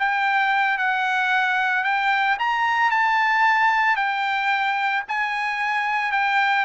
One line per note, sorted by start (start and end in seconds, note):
0.00 0.78 G5
0.78 1.84 F#5
1.84 2.38 G5
2.39 2.91 A#5
2.91 3.97 A5
3.97 5.04 G5
5.09 6.12 G#5
6.12 6.66 G5